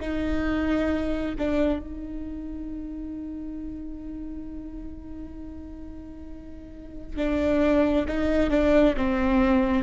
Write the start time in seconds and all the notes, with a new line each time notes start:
0.00 D#4
1.38 D4
1.79 D#4
7.16 D4
8.08 D#4
8.50 D4
8.96 C4